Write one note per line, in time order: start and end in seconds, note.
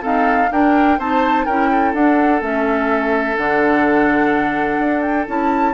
0.00 0.48 C4
0.00 0.51 D#4
0.00 0.50 A4
0.00 0.52 F5
0.51 0.98 D4
0.51 1.00 D4
0.51 0.98 A#4
0.51 0.99 G5
0.98 1.46 C4
0.98 1.47 D#4
0.98 1.45 C5
0.98 1.45 A5
1.45 1.93 C#4
1.45 1.95 E4
1.45 1.69 A#4
1.45 1.93 G5
1.71 5.74 A4
1.93 2.41 D4
1.93 2.42 F#5
2.41 3.37 A3
2.41 3.36 C#4
2.41 3.36 E5
3.36 4.78 D3
3.36 5.27 D4
3.36 5.02 F#5
4.78 5.26 D4
5.02 5.25 G5
5.27 5.74 C#4
5.27 5.74 E4
5.27 5.74 A5